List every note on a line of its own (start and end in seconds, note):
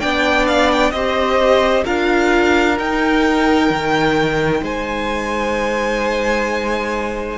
0.00 0.92 B3
0.00 0.94 D4
0.00 0.93 D5
0.00 0.46 G5
0.48 0.71 F5
0.72 0.91 G5
0.91 1.84 C4
0.91 1.85 G4
0.91 1.84 C5
0.91 1.83 D#5
1.84 2.79 D4
1.84 2.78 F4
1.84 4.61 A#4
1.84 2.78 F5
2.78 7.38 D#4
2.78 3.70 D#4
2.78 4.64 G5
3.70 4.62 D#3
4.62 7.38 G#3
4.62 7.38 C5
4.62 7.38 G#5